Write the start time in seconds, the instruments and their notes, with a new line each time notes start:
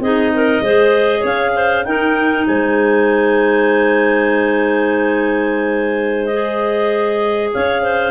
0.00 tuba C4, clarinet D#4 G#4 D#5
0.35 clarinet A#4
0.62 tuba G#3, clarinet G#4 C5
1.20 tuba C#4, clarinet C#5 F5
1.55 clarinet C5
1.85 clarinet D#4 A#4 G5, tuba D#4
2.47 tuba G#3, clarinet C5 G#5
6.26 clarinet D#5
6.33 clarinet G#4
7.54 tuba C#4, clarinet C#5 F5
7.83 clarinet C5